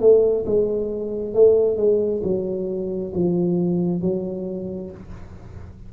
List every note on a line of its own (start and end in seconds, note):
0.00 0.45 A3
0.46 1.34 G#3
1.34 1.77 A3
1.77 2.21 G#3
2.23 3.13 F#3
3.14 4.01 F3
4.01 4.91 F#3